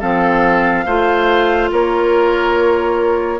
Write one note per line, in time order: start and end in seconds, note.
0.00 0.86 F3
0.00 0.86 C4
0.00 0.85 A4
0.00 1.70 F5
0.86 1.70 A3
0.86 3.39 F4
0.86 1.70 C5
1.71 3.39 A#3
1.71 3.39 A#4
1.71 3.39 C#5